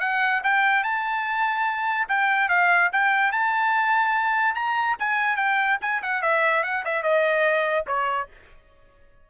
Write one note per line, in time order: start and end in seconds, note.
0.00 0.41 F#5
0.44 0.83 G5
0.83 2.07 A5
2.08 2.49 G5
2.49 2.90 F5
2.92 3.32 G5
3.32 4.55 A5
4.55 4.96 A#5
4.99 5.36 G#5
5.36 5.78 G5
5.81 6.02 G#5
6.02 6.22 F#5
6.22 6.63 E5
6.63 6.84 F#5
6.85 7.03 E5
7.03 7.85 D#5
7.87 8.28 C#5